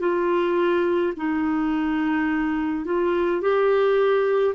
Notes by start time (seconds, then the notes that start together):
0.00 F4
1.17 D#4
2.85 F4
3.42 G4